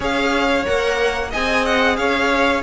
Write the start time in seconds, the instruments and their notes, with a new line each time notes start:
0.00 cello C#4, viola G#4, violin C#5 F5
0.65 cello A#3, viola A#4, violin F#5
1.30 cello C4, viola G#4, violin D#5 G#5
1.65 violin F#5
1.96 cello C#4, violin C#5 F5